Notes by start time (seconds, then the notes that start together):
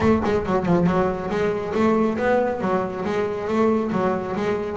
0.00 A3
0.24 G#3
0.45 F#3
0.65 F3
0.86 F#3
1.29 G#3
1.74 A3
2.17 B3
2.60 F#3
3.04 G#3
3.47 A3
3.92 F#3
4.35 G#3